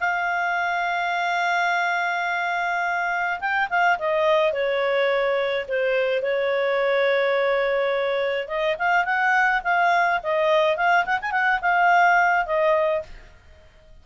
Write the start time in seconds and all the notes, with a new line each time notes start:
0.00 F5
3.40 G5
3.69 F5
3.98 D#5
4.52 C#5
5.68 C5
6.22 C#5
8.48 D#5
8.78 F5
9.05 F#5
9.64 F5
10.23 D#5
10.76 F5
11.05 F#5
11.21 G#5
11.31 F#5
11.61 F5
12.46 D#5